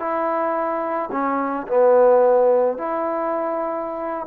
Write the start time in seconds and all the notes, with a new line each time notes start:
0.00 E4
1.12 C#4
1.68 B3
2.78 E4